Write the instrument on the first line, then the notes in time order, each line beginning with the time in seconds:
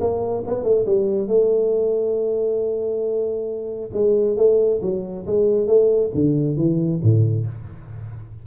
tuba
0.00 A#3
0.46 B3
0.63 A3
0.86 G3
1.27 A3
3.93 G#3
4.37 A3
4.82 F#3
5.26 G#3
5.67 A3
6.14 D3
6.56 E3
7.02 A2